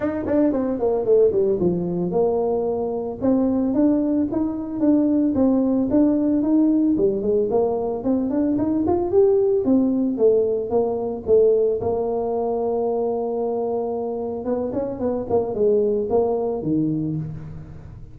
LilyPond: \new Staff \with { instrumentName = "tuba" } { \time 4/4 \tempo 4 = 112 dis'8 d'8 c'8 ais8 a8 g8 f4 | ais2 c'4 d'4 | dis'4 d'4 c'4 d'4 | dis'4 g8 gis8 ais4 c'8 d'8 |
dis'8 f'8 g'4 c'4 a4 | ais4 a4 ais2~ | ais2. b8 cis'8 | b8 ais8 gis4 ais4 dis4 | }